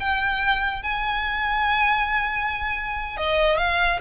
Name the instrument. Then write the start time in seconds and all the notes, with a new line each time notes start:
violin
0.00 G5
0.83 G#5
3.18 D#5
3.58 F5